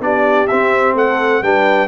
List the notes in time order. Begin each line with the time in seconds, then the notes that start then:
0.00 B3 D4 G4 D5
0.47 C4 E5
0.95 A3 A4 F#5
1.42 G3 D4 B4 G5